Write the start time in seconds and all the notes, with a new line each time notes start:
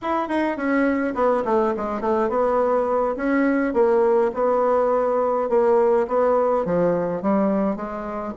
0.02 E4
0.28 D#4
0.56 C#4
1.14 B3
1.44 A3
1.76 G#3
2.00 A3
2.29 B3
3.16 C#4
3.73 A#3
4.34 B3
5.49 A#3
6.07 B3
6.65 F3
7.22 G3
7.76 G#3